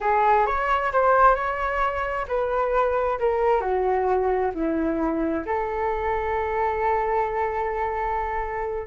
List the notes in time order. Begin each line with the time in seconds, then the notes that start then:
0.00 G#4
0.46 C#5
0.92 C5
1.35 C#5
2.27 B4
3.19 A#4
3.60 F#4
4.54 E4
5.45 A4